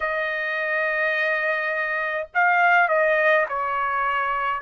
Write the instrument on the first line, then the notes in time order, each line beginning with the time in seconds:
trumpet
0.00 D#5
2.34 F5
2.88 D#5
3.49 C#5